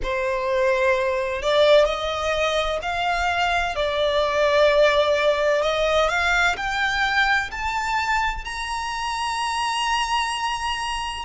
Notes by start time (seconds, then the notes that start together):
0.03 C5
1.41 D5
1.85 D#5
2.81 F5
3.75 D5
5.62 D#5
6.08 F5
6.56 G5
7.51 A5
8.44 A#5